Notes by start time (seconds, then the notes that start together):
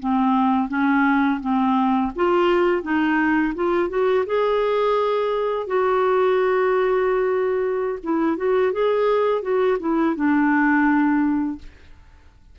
0.00 C4
0.69 C#4
1.41 C4
2.16 F4
2.82 D#4
3.55 F4
3.89 F#4
4.26 G#4
5.67 F#4
8.04 E4
8.37 F#4
8.73 G#4
9.42 F#4
9.80 E4
10.16 D4